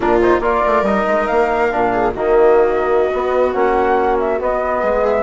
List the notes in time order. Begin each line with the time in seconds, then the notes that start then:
0.00 A#2 D4 F4 A#4
0.20 D#4 C5
0.40 A#3 F4 A#4 D5
0.66 A3
0.82 G3 D#4 D#5
1.06 G#3
1.27 A#3 F5
1.71 A#2 D4
1.92 G#4
2.14 D#3 A#3 F#4 D#5
3.13 B3
3.52 A#3 C#4 F#5
4.19 E5
4.39 B3 D#5
4.80 G#3 G#4
5.05 E5